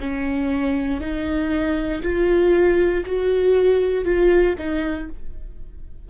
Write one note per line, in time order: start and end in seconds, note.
0.00 1.00 C#4
1.00 2.02 D#4
2.02 3.04 F4
3.06 4.04 F#4
4.04 4.55 F4
4.58 5.08 D#4